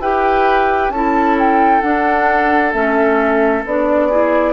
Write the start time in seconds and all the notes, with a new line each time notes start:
0.00 E4 G4 B4 G5
0.90 C#4 E4 A4 A5
1.39 G5
1.81 D4 F#5
2.73 A3 C#4 E5
3.66 B3 D4 D5
4.09 E4 G#4